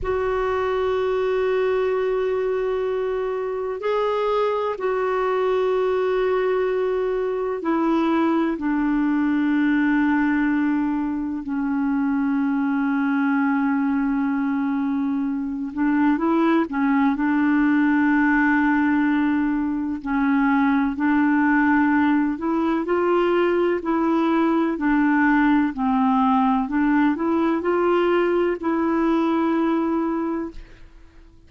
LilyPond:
\new Staff \with { instrumentName = "clarinet" } { \time 4/4 \tempo 4 = 63 fis'1 | gis'4 fis'2. | e'4 d'2. | cis'1~ |
cis'8 d'8 e'8 cis'8 d'2~ | d'4 cis'4 d'4. e'8 | f'4 e'4 d'4 c'4 | d'8 e'8 f'4 e'2 | }